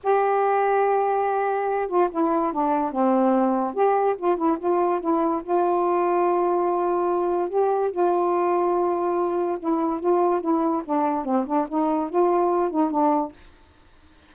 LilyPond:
\new Staff \with { instrumentName = "saxophone" } { \time 4/4 \tempo 4 = 144 g'1~ | g'8 f'8 e'4 d'4 c'4~ | c'4 g'4 f'8 e'8 f'4 | e'4 f'2.~ |
f'2 g'4 f'4~ | f'2. e'4 | f'4 e'4 d'4 c'8 d'8 | dis'4 f'4. dis'8 d'4 | }